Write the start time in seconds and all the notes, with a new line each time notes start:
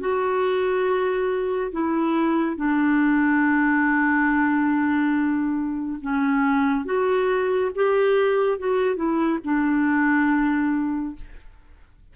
0.00 F#4
1.72 E4
2.56 D4
6.01 C#4
6.85 F#4
7.75 G4
8.59 F#4
8.96 E4
9.44 D4